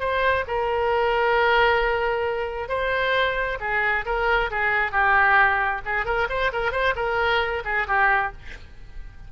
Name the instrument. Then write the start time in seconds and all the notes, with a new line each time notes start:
oboe
0.00 C5
0.48 A#4
2.69 C5
3.60 G#4
4.06 A#4
4.51 G#4
4.92 G4
5.86 G#4
6.06 A#4
6.30 C5
6.53 A#4
6.72 C5
6.96 A#4
7.65 G#4
7.88 G4